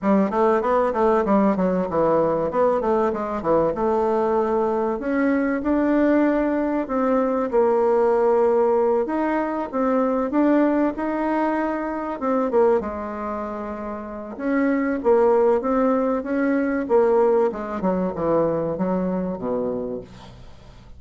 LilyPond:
\new Staff \with { instrumentName = "bassoon" } { \time 4/4 \tempo 4 = 96 g8 a8 b8 a8 g8 fis8 e4 | b8 a8 gis8 e8 a2 | cis'4 d'2 c'4 | ais2~ ais8 dis'4 c'8~ |
c'8 d'4 dis'2 c'8 | ais8 gis2~ gis8 cis'4 | ais4 c'4 cis'4 ais4 | gis8 fis8 e4 fis4 b,4 | }